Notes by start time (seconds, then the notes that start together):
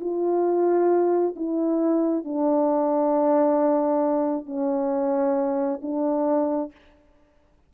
0.00 F4
1.36 E4
2.24 D4
4.46 C#4
5.81 D4